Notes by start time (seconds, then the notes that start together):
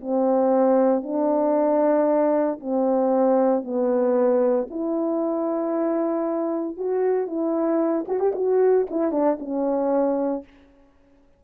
0.00 C4
1.03 D4
2.59 C4
3.63 B3
4.70 E4
6.77 F#4
7.27 E4
8.07 F#4
8.19 G4
8.34 F#4
8.90 E4
9.11 D4
9.39 C#4